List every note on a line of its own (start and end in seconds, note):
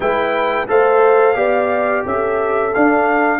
0.00 0.66 G#3
0.00 0.67 E4
0.00 0.68 B4
0.00 0.67 G5
0.68 1.35 A3
0.68 1.35 A4
0.68 1.36 C5
0.68 2.06 F5
1.35 2.03 B3
1.35 2.71 G4
1.35 2.04 D5
2.05 2.73 C#4
2.05 3.39 A4
2.05 2.74 E5
2.74 3.39 D4
2.74 3.39 F5